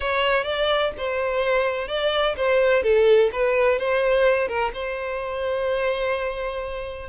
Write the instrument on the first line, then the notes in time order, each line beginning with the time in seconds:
violin
0.00 C#5
0.44 D5
0.97 C5
1.88 D5
2.36 C5
2.83 A4
3.32 B4
3.78 C5
4.48 A#4
4.73 C5